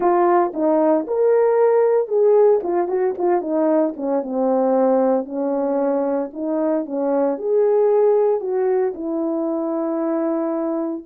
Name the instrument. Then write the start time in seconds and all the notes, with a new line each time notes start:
horn
0.00 F4
0.53 D#4
1.07 A#4
2.07 G#4
2.63 F4
2.88 F#4
3.18 F4
3.41 D#4
3.96 C#4
4.22 C4
5.25 C#4
6.33 D#4
6.85 C#4
7.38 G#4
8.40 F#4
8.94 E4